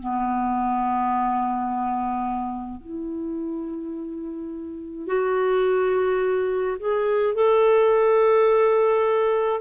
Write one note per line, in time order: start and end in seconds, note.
0.00 2.81 B3
2.81 5.07 E4
5.07 6.77 F#4
6.79 7.34 G#4
7.34 9.60 A4